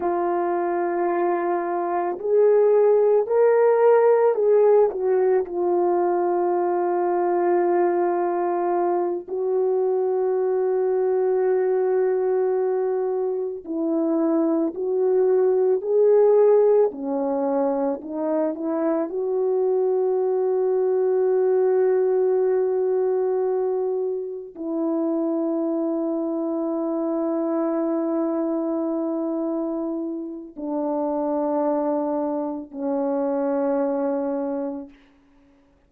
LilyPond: \new Staff \with { instrumentName = "horn" } { \time 4/4 \tempo 4 = 55 f'2 gis'4 ais'4 | gis'8 fis'8 f'2.~ | f'8 fis'2.~ fis'8~ | fis'8 e'4 fis'4 gis'4 cis'8~ |
cis'8 dis'8 e'8 fis'2~ fis'8~ | fis'2~ fis'8 e'4.~ | e'1 | d'2 cis'2 | }